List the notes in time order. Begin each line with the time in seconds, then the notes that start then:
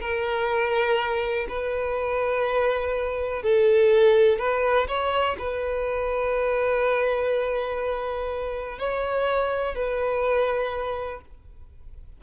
0.00 A#4
1.48 B4
3.42 A4
4.38 B4
4.87 C#5
5.38 B4
8.78 C#5
9.74 B4